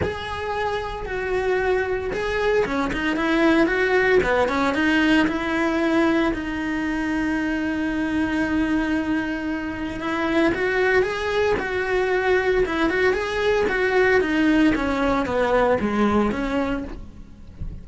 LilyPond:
\new Staff \with { instrumentName = "cello" } { \time 4/4 \tempo 4 = 114 gis'2 fis'2 | gis'4 cis'8 dis'8 e'4 fis'4 | b8 cis'8 dis'4 e'2 | dis'1~ |
dis'2. e'4 | fis'4 gis'4 fis'2 | e'8 fis'8 gis'4 fis'4 dis'4 | cis'4 b4 gis4 cis'4 | }